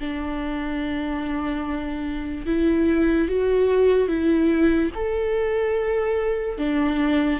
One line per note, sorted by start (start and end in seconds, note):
0.00 2.47 D4
2.47 3.28 E4
3.28 4.08 F#4
4.08 4.91 E4
4.95 6.58 A4
6.58 7.40 D4